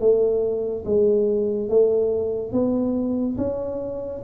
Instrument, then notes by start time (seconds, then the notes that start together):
tuba
0.00 A3
0.85 G#3
1.69 A3
2.52 B3
3.38 C#4